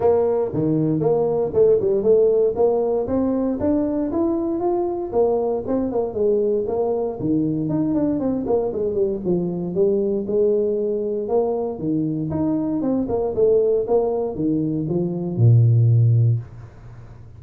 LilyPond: \new Staff \with { instrumentName = "tuba" } { \time 4/4 \tempo 4 = 117 ais4 dis4 ais4 a8 g8 | a4 ais4 c'4 d'4 | e'4 f'4 ais4 c'8 ais8 | gis4 ais4 dis4 dis'8 d'8 |
c'8 ais8 gis8 g8 f4 g4 | gis2 ais4 dis4 | dis'4 c'8 ais8 a4 ais4 | dis4 f4 ais,2 | }